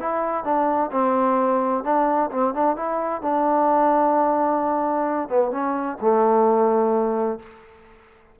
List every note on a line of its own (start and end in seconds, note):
0.00 0.45 E4
0.45 0.91 D4
0.92 1.84 C4
1.84 2.30 D4
2.31 2.54 C4
2.54 2.77 D4
2.77 3.22 E4
3.22 5.29 D4
5.29 5.52 B3
5.52 5.98 C#4
6.01 7.40 A3